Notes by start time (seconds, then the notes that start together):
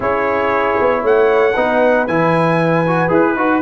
0.00 C#4 E4 G#4 C#5
0.80 B3
1.01 A3 C#5 F#5
1.53 B3 D#4 B4
2.07 E3 E4 G#5
2.86 F#4
3.08 E4 G#4 B4
3.36 D#4 F#4